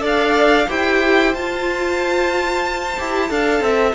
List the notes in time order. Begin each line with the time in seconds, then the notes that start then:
0.00 D4 A4 D5
0.06 F5
0.69 E4 G4 C5 G5
1.33 F4 A5
2.98 E4 G4
3.29 D4 A4 F5
3.61 C4 E5